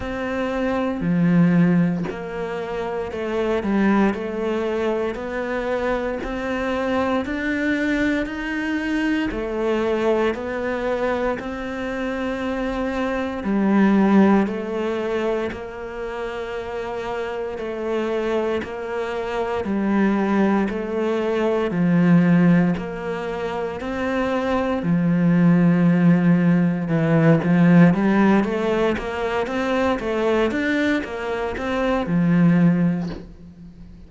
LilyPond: \new Staff \with { instrumentName = "cello" } { \time 4/4 \tempo 4 = 58 c'4 f4 ais4 a8 g8 | a4 b4 c'4 d'4 | dis'4 a4 b4 c'4~ | c'4 g4 a4 ais4~ |
ais4 a4 ais4 g4 | a4 f4 ais4 c'4 | f2 e8 f8 g8 a8 | ais8 c'8 a8 d'8 ais8 c'8 f4 | }